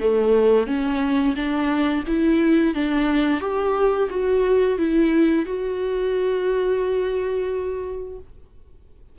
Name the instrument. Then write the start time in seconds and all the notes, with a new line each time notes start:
viola
0.00 A3
0.67 C#4
1.35 D4
2.07 E4
2.75 D4
3.40 G4
4.10 F#4
4.78 E4
5.45 F#4